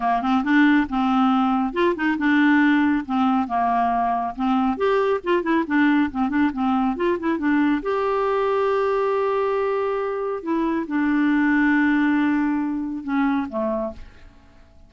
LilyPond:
\new Staff \with { instrumentName = "clarinet" } { \time 4/4 \tempo 4 = 138 ais8 c'8 d'4 c'2 | f'8 dis'8 d'2 c'4 | ais2 c'4 g'4 | f'8 e'8 d'4 c'8 d'8 c'4 |
f'8 e'8 d'4 g'2~ | g'1 | e'4 d'2.~ | d'2 cis'4 a4 | }